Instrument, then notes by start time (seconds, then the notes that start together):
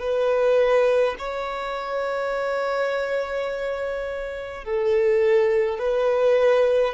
violin
0.00 B4
1.19 C#5
4.64 A4
5.79 B4